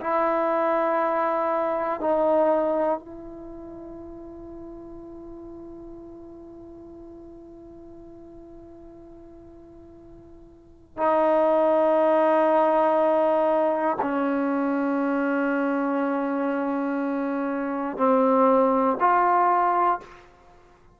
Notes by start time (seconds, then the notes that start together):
0.00 E4
2.00 D#4
2.99 E4
10.97 D#4
14.01 C#4
17.97 C4
19.00 F4